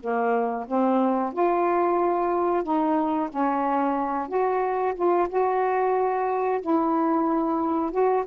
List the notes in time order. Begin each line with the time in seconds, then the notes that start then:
0.00 A#3
0.67 C4
1.33 F4
2.63 D#4
3.30 C#4
4.28 F#4
4.95 F4
5.29 F#4
6.61 E4
7.91 F#4